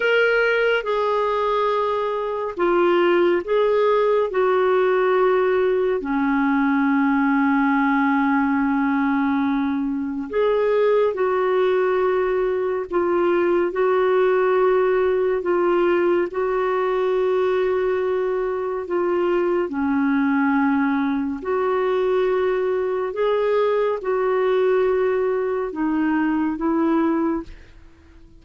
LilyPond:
\new Staff \with { instrumentName = "clarinet" } { \time 4/4 \tempo 4 = 70 ais'4 gis'2 f'4 | gis'4 fis'2 cis'4~ | cis'1 | gis'4 fis'2 f'4 |
fis'2 f'4 fis'4~ | fis'2 f'4 cis'4~ | cis'4 fis'2 gis'4 | fis'2 dis'4 e'4 | }